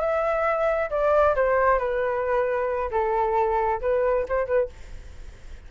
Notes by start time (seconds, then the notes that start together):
0.00 E5
0.90 D5
1.35 C5
1.78 B4
2.91 A4
3.81 B4
4.28 C5
4.46 B4